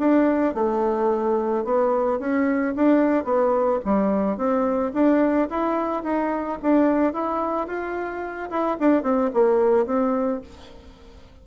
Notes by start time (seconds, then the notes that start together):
0.00 D4
0.55 A3
1.65 B3
2.20 C#4
2.76 D4
3.25 B3
3.85 G3
4.38 C4
4.94 D4
5.50 E4
6.04 D#4
6.63 D4
7.14 E4
7.68 F4
8.50 E4
8.80 D4
9.04 C4
9.34 A#3
9.87 C4